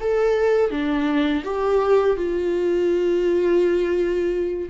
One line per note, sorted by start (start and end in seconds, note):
0.00 0.70 A4
0.70 1.43 D4
1.44 2.16 G4
2.16 4.69 F4